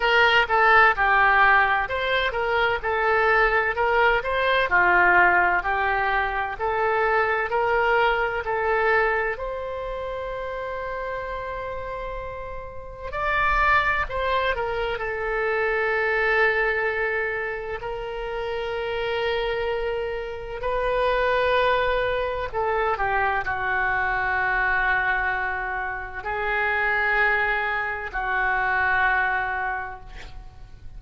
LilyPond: \new Staff \with { instrumentName = "oboe" } { \time 4/4 \tempo 4 = 64 ais'8 a'8 g'4 c''8 ais'8 a'4 | ais'8 c''8 f'4 g'4 a'4 | ais'4 a'4 c''2~ | c''2 d''4 c''8 ais'8 |
a'2. ais'4~ | ais'2 b'2 | a'8 g'8 fis'2. | gis'2 fis'2 | }